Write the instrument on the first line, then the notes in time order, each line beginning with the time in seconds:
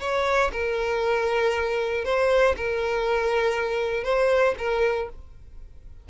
violin
0.00 C#5
0.52 A#4
2.05 C5
2.57 A#4
4.04 C5
4.58 A#4